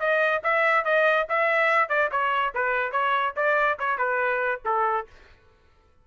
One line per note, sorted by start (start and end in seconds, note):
0.00 0.42 D#5
0.43 0.85 E5
0.85 1.27 D#5
1.29 1.89 E5
1.89 2.10 D5
2.12 2.53 C#5
2.55 2.92 B4
2.92 3.34 C#5
3.36 3.78 D5
3.79 3.98 C#5
3.98 4.61 B4
4.65 5.07 A4